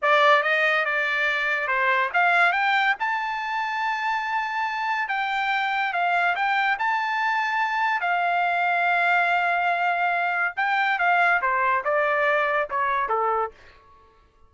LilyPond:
\new Staff \with { instrumentName = "trumpet" } { \time 4/4 \tempo 4 = 142 d''4 dis''4 d''2 | c''4 f''4 g''4 a''4~ | a''1 | g''2 f''4 g''4 |
a''2. f''4~ | f''1~ | f''4 g''4 f''4 c''4 | d''2 cis''4 a'4 | }